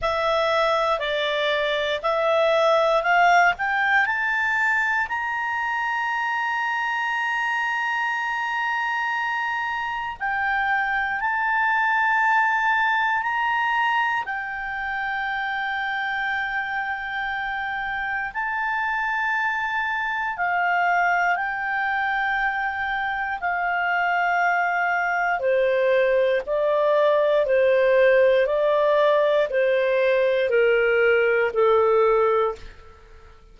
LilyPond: \new Staff \with { instrumentName = "clarinet" } { \time 4/4 \tempo 4 = 59 e''4 d''4 e''4 f''8 g''8 | a''4 ais''2.~ | ais''2 g''4 a''4~ | a''4 ais''4 g''2~ |
g''2 a''2 | f''4 g''2 f''4~ | f''4 c''4 d''4 c''4 | d''4 c''4 ais'4 a'4 | }